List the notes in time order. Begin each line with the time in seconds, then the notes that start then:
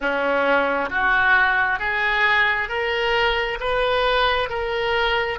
0.00 C#4
0.90 F#4
1.79 G#4
2.68 A#4
3.59 B4
4.49 A#4